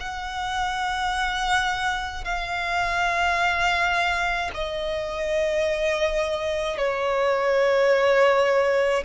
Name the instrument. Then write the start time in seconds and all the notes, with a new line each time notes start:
violin
0.00 F#5
2.24 F5
4.54 D#5
6.77 C#5